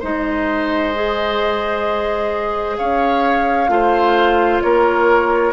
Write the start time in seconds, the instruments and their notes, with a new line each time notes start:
0.00 bassoon G#3, clarinet D#4, oboe C5, flute D#5
0.95 clarinet G#4
2.77 bassoon C#4, oboe C#5, flute F5
3.68 bassoon A3, clarinet F4, oboe C5
4.62 bassoon A#3, oboe A#4, flute C#5